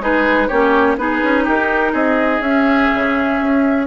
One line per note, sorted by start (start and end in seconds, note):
0.00 0.48 G#3
0.00 0.49 D#4
0.00 0.48 G#4
0.00 0.48 B4
0.48 0.98 A#3
0.48 0.98 C#4
0.48 0.96 G4
0.48 0.97 C#5
0.98 1.22 B3
0.98 2.43 D#4
0.98 1.45 G#4
0.98 1.46 B4
1.23 1.47 C#4
1.45 1.94 D#4
1.45 1.93 G4
1.45 1.94 A#4
1.93 2.40 C4
1.93 3.86 G#4
1.93 2.42 D#5
2.40 2.88 C#4
2.40 3.87 C#4
2.40 3.87 E5
2.95 3.41 C#3
3.41 3.87 C#4